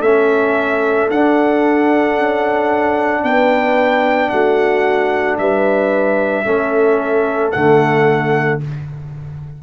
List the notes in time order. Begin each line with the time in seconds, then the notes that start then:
0.00 A3 C#4 A4 E5
1.11 D4 F#5
2.18 C#4
3.23 B3 B4 G5
4.30 A3 F#4 F#5
5.38 G3 B4 E5
6.45 A3 C#4 A4
7.52 D3 A3 F#5